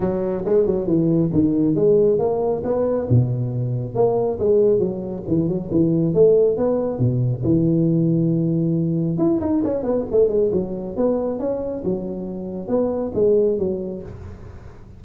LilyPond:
\new Staff \with { instrumentName = "tuba" } { \time 4/4 \tempo 4 = 137 fis4 gis8 fis8 e4 dis4 | gis4 ais4 b4 b,4~ | b,4 ais4 gis4 fis4 | e8 fis8 e4 a4 b4 |
b,4 e2.~ | e4 e'8 dis'8 cis'8 b8 a8 gis8 | fis4 b4 cis'4 fis4~ | fis4 b4 gis4 fis4 | }